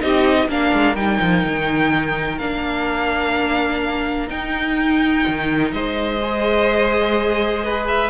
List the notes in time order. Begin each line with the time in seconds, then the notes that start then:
0.00 C4 D#4 G4 D#5
0.48 A#3 D4 A#4 F5
0.72 G#3
0.95 G3 D#4 G5
1.20 F3
1.45 D#3
2.38 A#3 D4 F5
4.28 D#4 G5
5.27 D#3
5.71 G#3 C5 D#5
6.22 G#4
7.64 B4
7.87 E5